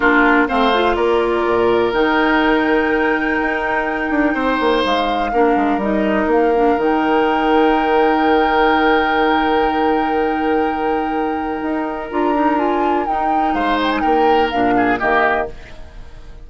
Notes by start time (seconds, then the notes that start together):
0.00 A#3 D4 F4 A#4
0.48 A3 C4 C5 F5
0.73 F4
0.95 A#3 A#4 D5
1.45 A#2
1.92 D#3 D#4 G5
3.41 D#4
4.10 D4
4.34 C4 C5
4.59 A#3
4.84 G#3 F5
5.32 A#3 D4 A#4
5.55 G#3
5.77 G3 D#4 D#5
6.26 A#3 F5
6.55 D4
6.77 D#3 D#4 G5
11.62 D#4
12.10 D4 F4 A#5
12.34 D#4
12.57 F4 G#5
13.06 D#4 G5
13.54 G#3 C5 F5
13.82 G5
13.91 G#5
14.01 A#3 A#4 G5
14.50 A#2 D4 F5
14.76 G#4
14.98 D#3 A#3 G4 D#5